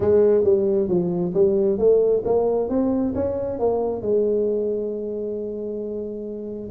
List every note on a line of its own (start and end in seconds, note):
0.00 0.44 G#3
0.44 0.88 G3
0.88 1.33 F3
1.34 1.78 G3
1.78 2.23 A3
2.24 2.69 A#3
2.69 3.13 C4
3.14 3.59 C#4
3.59 4.01 A#3
4.01 6.70 G#3